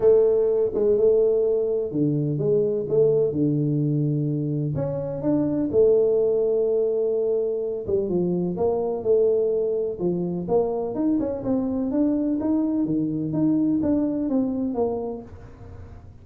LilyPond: \new Staff \with { instrumentName = "tuba" } { \time 4/4 \tempo 4 = 126 a4. gis8 a2 | d4 gis4 a4 d4~ | d2 cis'4 d'4 | a1~ |
a8 g8 f4 ais4 a4~ | a4 f4 ais4 dis'8 cis'8 | c'4 d'4 dis'4 dis4 | dis'4 d'4 c'4 ais4 | }